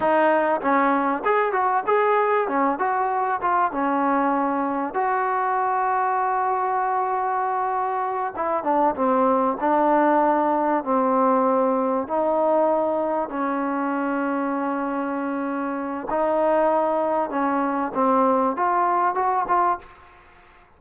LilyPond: \new Staff \with { instrumentName = "trombone" } { \time 4/4 \tempo 4 = 97 dis'4 cis'4 gis'8 fis'8 gis'4 | cis'8 fis'4 f'8 cis'2 | fis'1~ | fis'4. e'8 d'8 c'4 d'8~ |
d'4. c'2 dis'8~ | dis'4. cis'2~ cis'8~ | cis'2 dis'2 | cis'4 c'4 f'4 fis'8 f'8 | }